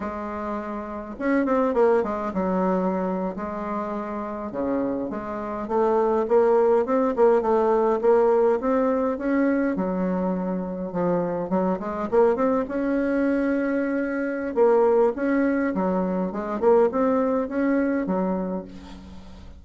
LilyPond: \new Staff \with { instrumentName = "bassoon" } { \time 4/4 \tempo 4 = 103 gis2 cis'8 c'8 ais8 gis8 | fis4.~ fis16 gis2 cis16~ | cis8. gis4 a4 ais4 c'16~ | c'16 ais8 a4 ais4 c'4 cis'16~ |
cis'8. fis2 f4 fis16~ | fis16 gis8 ais8 c'8 cis'2~ cis'16~ | cis'4 ais4 cis'4 fis4 | gis8 ais8 c'4 cis'4 fis4 | }